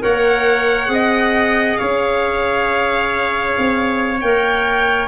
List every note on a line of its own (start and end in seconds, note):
0.00 0.89 A#3
0.00 0.87 A#4
0.00 0.91 C#5
0.00 1.78 F#5
0.87 1.77 C4
0.87 4.18 G#4
0.93 1.79 D#5
1.78 3.58 C#4
1.78 5.08 C#5
1.78 4.20 F5
3.58 4.22 C4
4.21 5.08 A#3
4.21 5.08 A#4
4.21 5.08 G5